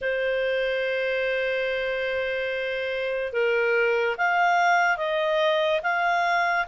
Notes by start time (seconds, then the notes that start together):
0.01 C5
3.33 A#4
4.17 F5
4.97 D#5
5.82 F5